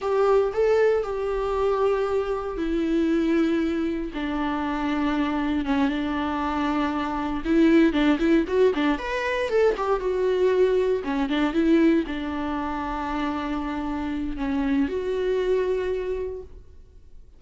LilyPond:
\new Staff \with { instrumentName = "viola" } { \time 4/4 \tempo 4 = 117 g'4 a'4 g'2~ | g'4 e'2. | d'2. cis'8 d'8~ | d'2~ d'8 e'4 d'8 |
e'8 fis'8 d'8 b'4 a'8 g'8 fis'8~ | fis'4. cis'8 d'8 e'4 d'8~ | d'1 | cis'4 fis'2. | }